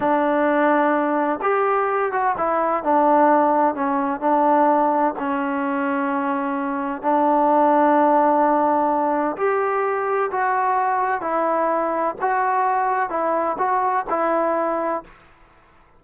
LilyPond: \new Staff \with { instrumentName = "trombone" } { \time 4/4 \tempo 4 = 128 d'2. g'4~ | g'8 fis'8 e'4 d'2 | cis'4 d'2 cis'4~ | cis'2. d'4~ |
d'1 | g'2 fis'2 | e'2 fis'2 | e'4 fis'4 e'2 | }